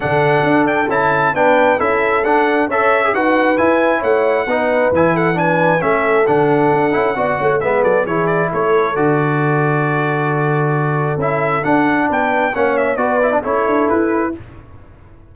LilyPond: <<
  \new Staff \with { instrumentName = "trumpet" } { \time 4/4 \tempo 4 = 134 fis''4. g''8 a''4 g''4 | e''4 fis''4 e''4 fis''4 | gis''4 fis''2 gis''8 fis''8 | gis''4 e''4 fis''2~ |
fis''4 e''8 d''8 cis''8 d''8 cis''4 | d''1~ | d''4 e''4 fis''4 g''4 | fis''8 e''8 d''4 cis''4 b'4 | }
  \new Staff \with { instrumentName = "horn" } { \time 4/4 a'2. b'4 | a'2 cis''4 b'4~ | b'4 cis''4 b'4. a'8 | b'4 a'2. |
d''8 cis''8 b'8 a'8 gis'4 a'4~ | a'1~ | a'2. b'4 | cis''4 b'4 a'2 | }
  \new Staff \with { instrumentName = "trombone" } { \time 4/4 d'2 e'4 d'4 | e'4 d'4 a'8. gis'16 fis'4 | e'2 dis'4 e'4 | d'4 cis'4 d'4. e'8 |
fis'4 b4 e'2 | fis'1~ | fis'4 e'4 d'2 | cis'4 fis'8 e'16 d'16 e'2 | }
  \new Staff \with { instrumentName = "tuba" } { \time 4/4 d4 d'4 cis'4 b4 | cis'4 d'4 cis'4 dis'4 | e'4 a4 b4 e4~ | e4 a4 d4 d'8 cis'8 |
b8 a8 gis8 fis8 e4 a4 | d1~ | d4 cis'4 d'4 b4 | ais4 b4 cis'8 d'8 e'4 | }
>>